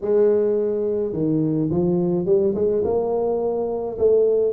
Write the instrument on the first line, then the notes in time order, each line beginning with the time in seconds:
tuba
0.01 G#3
1.12 D#3
1.70 F3
2.25 G3
2.55 G#3
2.84 A#3
3.98 A3